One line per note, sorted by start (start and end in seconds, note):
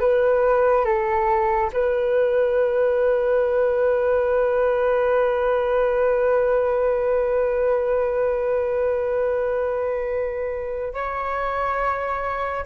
0.00 0.85 B4
0.85 1.71 A4
1.73 10.94 B4
10.94 12.65 C#5